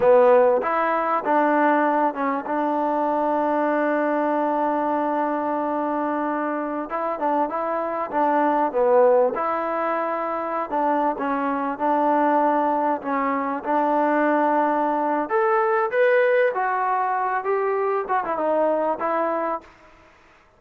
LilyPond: \new Staff \with { instrumentName = "trombone" } { \time 4/4 \tempo 4 = 98 b4 e'4 d'4. cis'8 | d'1~ | d'2.~ d'16 e'8 d'16~ | d'16 e'4 d'4 b4 e'8.~ |
e'4. d'8. cis'4 d'8.~ | d'4~ d'16 cis'4 d'4.~ d'16~ | d'4 a'4 b'4 fis'4~ | fis'8 g'4 fis'16 e'16 dis'4 e'4 | }